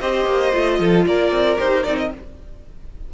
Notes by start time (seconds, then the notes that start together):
0.00 C4 G4 C5 D#5
0.26 A#3
0.52 A3 F4
0.79 F3 A4
1.06 A#3 A#4 D5
1.31 C4
1.57 D#4 G4 C5
1.83 C4 D#4 D5
1.97 D#5